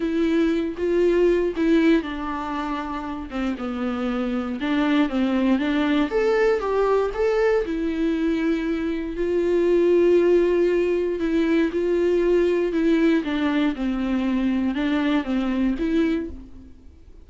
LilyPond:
\new Staff \with { instrumentName = "viola" } { \time 4/4 \tempo 4 = 118 e'4. f'4. e'4 | d'2~ d'8 c'8 b4~ | b4 d'4 c'4 d'4 | a'4 g'4 a'4 e'4~ |
e'2 f'2~ | f'2 e'4 f'4~ | f'4 e'4 d'4 c'4~ | c'4 d'4 c'4 e'4 | }